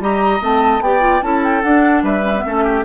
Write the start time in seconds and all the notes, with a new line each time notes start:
0.00 G3 G4 D#5 A#5
0.41 A3 C4 A5
0.81 B3 G4 D5 G5
1.01 F4
1.22 C#4 E4 A4 A5
1.44 G5
1.63 D4 F#5
2.03 G3 B4 E5
2.23 C#4
2.36 B3
2.45 A3 C#4 A4
2.64 G4